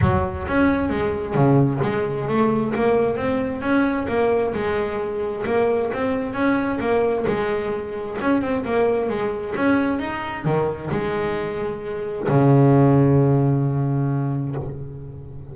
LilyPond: \new Staff \with { instrumentName = "double bass" } { \time 4/4 \tempo 4 = 132 fis4 cis'4 gis4 cis4 | gis4 a4 ais4 c'4 | cis'4 ais4 gis2 | ais4 c'4 cis'4 ais4 |
gis2 cis'8 c'8 ais4 | gis4 cis'4 dis'4 dis4 | gis2. cis4~ | cis1 | }